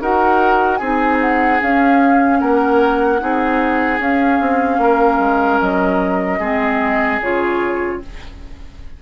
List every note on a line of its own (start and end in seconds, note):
0.00 0.80 D#4
0.00 0.80 F#4
0.00 0.78 A#4
0.00 0.77 F#5
0.77 1.60 C4
0.77 1.60 D#4
0.77 2.38 G#4
0.77 1.17 G#5
1.21 1.61 F#5
1.60 3.19 C#4
1.60 2.41 C#4
1.60 2.40 F5
2.40 3.21 A#3
2.40 3.20 A#4
2.40 4.00 F#5
3.19 3.99 C4
3.19 3.99 D#4
3.19 4.81 G#4
3.99 4.39 C#4
3.99 6.41 C#4
3.99 5.61 F5
4.40 4.78 C4
4.78 5.18 A#3
4.78 6.39 A#4
5.19 5.59 G#3
5.61 6.39 F#3
5.61 7.21 D#5
6.39 7.19 G#3
6.39 7.21 C4
6.39 7.99 G#4
7.20 8.00 C#3
7.20 8.02 F4
7.20 8.01 C#5